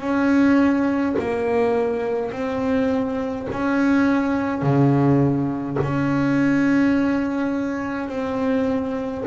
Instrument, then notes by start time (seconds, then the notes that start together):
double bass
0.00 C#4
1.19 A#3
2.32 C4
3.52 C#4
4.62 C#3
5.83 C#4
8.09 C4